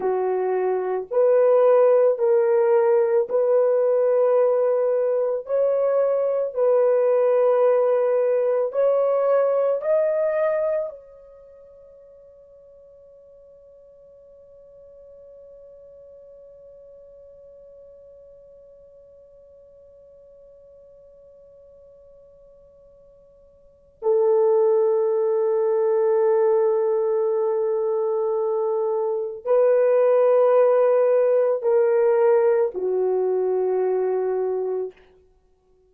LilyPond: \new Staff \with { instrumentName = "horn" } { \time 4/4 \tempo 4 = 55 fis'4 b'4 ais'4 b'4~ | b'4 cis''4 b'2 | cis''4 dis''4 cis''2~ | cis''1~ |
cis''1~ | cis''2 a'2~ | a'2. b'4~ | b'4 ais'4 fis'2 | }